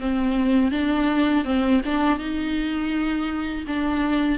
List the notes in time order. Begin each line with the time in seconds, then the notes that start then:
0.00 C4
0.72 D4
1.45 C4
1.85 D4
2.19 D#4
3.67 D4